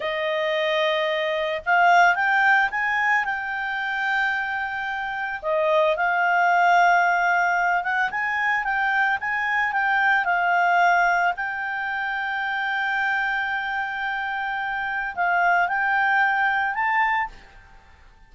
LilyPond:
\new Staff \with { instrumentName = "clarinet" } { \time 4/4 \tempo 4 = 111 dis''2. f''4 | g''4 gis''4 g''2~ | g''2 dis''4 f''4~ | f''2~ f''8 fis''8 gis''4 |
g''4 gis''4 g''4 f''4~ | f''4 g''2.~ | g''1 | f''4 g''2 a''4 | }